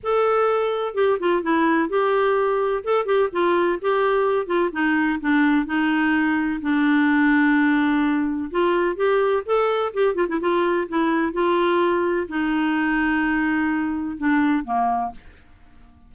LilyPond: \new Staff \with { instrumentName = "clarinet" } { \time 4/4 \tempo 4 = 127 a'2 g'8 f'8 e'4 | g'2 a'8 g'8 f'4 | g'4. f'8 dis'4 d'4 | dis'2 d'2~ |
d'2 f'4 g'4 | a'4 g'8 f'16 e'16 f'4 e'4 | f'2 dis'2~ | dis'2 d'4 ais4 | }